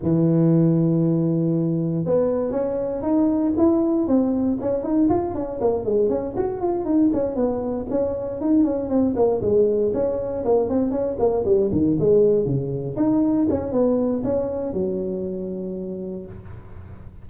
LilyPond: \new Staff \with { instrumentName = "tuba" } { \time 4/4 \tempo 4 = 118 e1 | b4 cis'4 dis'4 e'4 | c'4 cis'8 dis'8 f'8 cis'8 ais8 gis8 | cis'8 fis'8 f'8 dis'8 cis'8 b4 cis'8~ |
cis'8 dis'8 cis'8 c'8 ais8 gis4 cis'8~ | cis'8 ais8 c'8 cis'8 ais8 g8 dis8 gis8~ | gis8 cis4 dis'4 cis'8 b4 | cis'4 fis2. | }